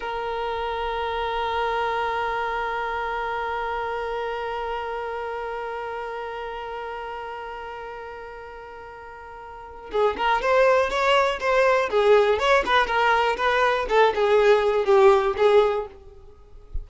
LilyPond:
\new Staff \with { instrumentName = "violin" } { \time 4/4 \tempo 4 = 121 ais'1~ | ais'1~ | ais'1~ | ais'1~ |
ais'1 | gis'8 ais'8 c''4 cis''4 c''4 | gis'4 cis''8 b'8 ais'4 b'4 | a'8 gis'4. g'4 gis'4 | }